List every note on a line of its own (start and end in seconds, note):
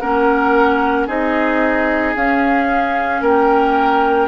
0.00 1.08 A#3
0.00 1.08 C#4
0.00 1.08 A#4
0.00 1.07 F#5
1.08 2.15 C4
1.08 2.16 D#4
1.08 3.22 G#4
1.08 2.16 D#5
2.16 3.21 C#4
2.16 4.28 C#4
2.16 3.23 F5
3.21 4.28 A#3
3.21 4.28 A#4
3.21 4.28 G5